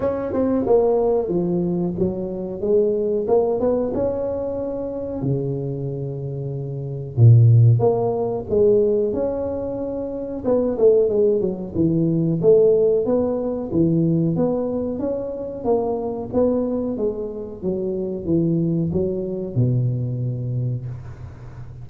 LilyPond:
\new Staff \with { instrumentName = "tuba" } { \time 4/4 \tempo 4 = 92 cis'8 c'8 ais4 f4 fis4 | gis4 ais8 b8 cis'2 | cis2. ais,4 | ais4 gis4 cis'2 |
b8 a8 gis8 fis8 e4 a4 | b4 e4 b4 cis'4 | ais4 b4 gis4 fis4 | e4 fis4 b,2 | }